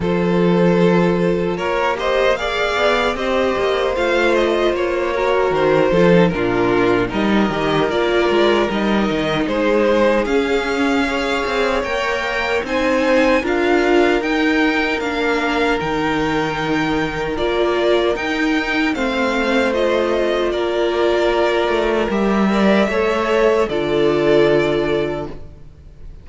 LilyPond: <<
  \new Staff \with { instrumentName = "violin" } { \time 4/4 \tempo 4 = 76 c''2 cis''8 dis''8 f''4 | dis''4 f''8 dis''8 cis''4 c''4 | ais'4 dis''4 d''4 dis''4 | c''4 f''2 g''4 |
gis''4 f''4 g''4 f''4 | g''2 d''4 g''4 | f''4 dis''4 d''2 | e''2 d''2 | }
  \new Staff \with { instrumentName = "violin" } { \time 4/4 a'2 ais'8 c''8 d''4 | c''2~ c''8 ais'4 a'8 | f'4 ais'2. | gis'2 cis''2 |
c''4 ais'2.~ | ais'1 | c''2 ais'2~ | ais'8 d''8 cis''4 a'2 | }
  \new Staff \with { instrumentName = "viola" } { \time 4/4 f'2~ f'8 g'8 gis'4 | g'4 f'4. fis'4 f'16 dis'16 | d'4 dis'8 g'8 f'4 dis'4~ | dis'4 cis'4 gis'4 ais'4 |
dis'4 f'4 dis'4 d'4 | dis'2 f'4 dis'4 | c'4 f'2. | g'8 ais'8 a'4 f'2 | }
  \new Staff \with { instrumentName = "cello" } { \time 4/4 f2 ais4. b8 | c'8 ais8 a4 ais4 dis8 f8 | ais,4 g8 dis8 ais8 gis8 g8 dis8 | gis4 cis'4. c'8 ais4 |
c'4 d'4 dis'4 ais4 | dis2 ais4 dis'4 | a2 ais4. a8 | g4 a4 d2 | }
>>